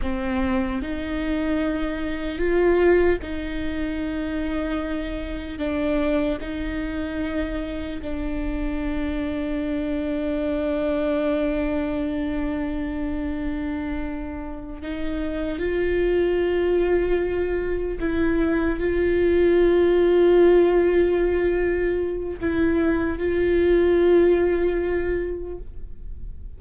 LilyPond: \new Staff \with { instrumentName = "viola" } { \time 4/4 \tempo 4 = 75 c'4 dis'2 f'4 | dis'2. d'4 | dis'2 d'2~ | d'1~ |
d'2~ d'8 dis'4 f'8~ | f'2~ f'8 e'4 f'8~ | f'1 | e'4 f'2. | }